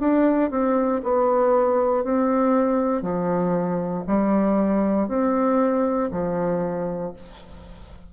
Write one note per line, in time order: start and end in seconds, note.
0.00 0.51 D4
0.51 1.02 C4
1.04 2.04 B3
2.04 3.02 C4
3.02 4.04 F3
4.08 5.08 G3
5.08 6.10 C4
6.11 7.13 F3